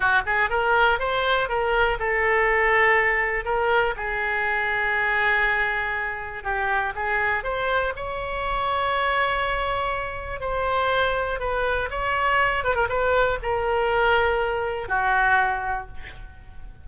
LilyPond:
\new Staff \with { instrumentName = "oboe" } { \time 4/4 \tempo 4 = 121 fis'8 gis'8 ais'4 c''4 ais'4 | a'2. ais'4 | gis'1~ | gis'4 g'4 gis'4 c''4 |
cis''1~ | cis''4 c''2 b'4 | cis''4. b'16 ais'16 b'4 ais'4~ | ais'2 fis'2 | }